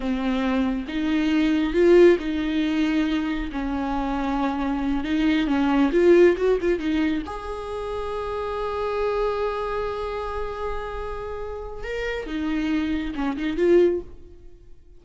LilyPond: \new Staff \with { instrumentName = "viola" } { \time 4/4 \tempo 4 = 137 c'2 dis'2 | f'4 dis'2. | cis'2.~ cis'8 dis'8~ | dis'8 cis'4 f'4 fis'8 f'8 dis'8~ |
dis'8 gis'2.~ gis'8~ | gis'1~ | gis'2. ais'4 | dis'2 cis'8 dis'8 f'4 | }